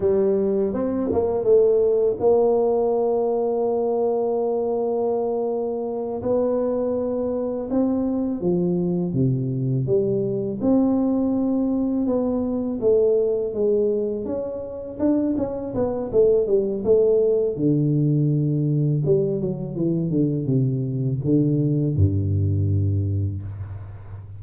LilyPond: \new Staff \with { instrumentName = "tuba" } { \time 4/4 \tempo 4 = 82 g4 c'8 ais8 a4 ais4~ | ais1~ | ais8 b2 c'4 f8~ | f8 c4 g4 c'4.~ |
c'8 b4 a4 gis4 cis'8~ | cis'8 d'8 cis'8 b8 a8 g8 a4 | d2 g8 fis8 e8 d8 | c4 d4 g,2 | }